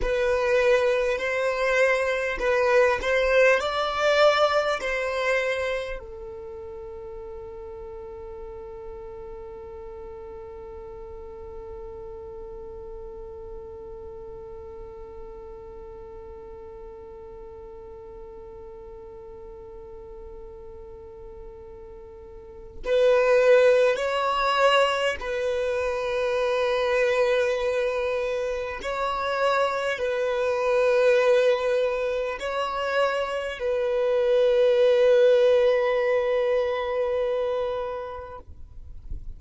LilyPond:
\new Staff \with { instrumentName = "violin" } { \time 4/4 \tempo 4 = 50 b'4 c''4 b'8 c''8 d''4 | c''4 a'2.~ | a'1~ | a'1~ |
a'2. b'4 | cis''4 b'2. | cis''4 b'2 cis''4 | b'1 | }